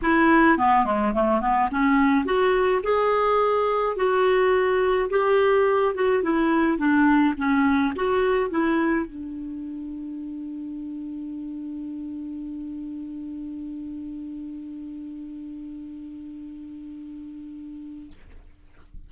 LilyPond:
\new Staff \with { instrumentName = "clarinet" } { \time 4/4 \tempo 4 = 106 e'4 b8 gis8 a8 b8 cis'4 | fis'4 gis'2 fis'4~ | fis'4 g'4. fis'8 e'4 | d'4 cis'4 fis'4 e'4 |
d'1~ | d'1~ | d'1~ | d'1 | }